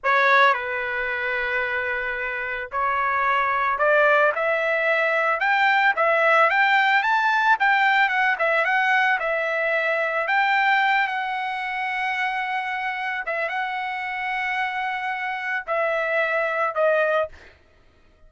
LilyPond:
\new Staff \with { instrumentName = "trumpet" } { \time 4/4 \tempo 4 = 111 cis''4 b'2.~ | b'4 cis''2 d''4 | e''2 g''4 e''4 | g''4 a''4 g''4 fis''8 e''8 |
fis''4 e''2 g''4~ | g''8 fis''2.~ fis''8~ | fis''8 e''8 fis''2.~ | fis''4 e''2 dis''4 | }